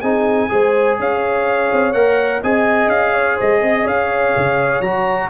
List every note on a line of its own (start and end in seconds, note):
0.00 0.50 C4
0.00 0.49 D#4
0.00 0.48 G#4
0.00 0.97 G#5
0.49 0.99 G#3
0.49 1.93 G#4
0.49 0.98 C5
0.98 1.71 C#4
0.98 2.43 C#5
0.98 1.92 F5
1.72 1.93 C4
1.92 2.41 A#3
1.92 2.42 A#4
1.92 2.40 F#5
2.43 2.87 C4
2.43 4.83 G#4
2.43 3.13 D#5
2.43 2.89 G#5
2.87 3.35 C#4
2.87 3.37 F5
3.13 3.36 C#5
3.36 3.61 G#3
3.36 3.60 C5
3.36 3.87 D#5
3.61 3.85 C4
3.61 3.84 D#5
3.84 4.34 C#4
3.84 5.28 C#5
3.84 4.81 F5
4.36 4.80 C#3
4.80 5.28 F#3
4.80 5.29 F#4
4.80 5.29 A#5